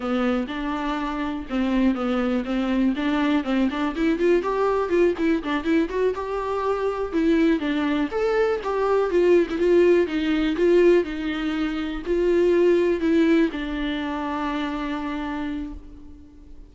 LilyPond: \new Staff \with { instrumentName = "viola" } { \time 4/4 \tempo 4 = 122 b4 d'2 c'4 | b4 c'4 d'4 c'8 d'8 | e'8 f'8 g'4 f'8 e'8 d'8 e'8 | fis'8 g'2 e'4 d'8~ |
d'8 a'4 g'4 f'8. e'16 f'8~ | f'8 dis'4 f'4 dis'4.~ | dis'8 f'2 e'4 d'8~ | d'1 | }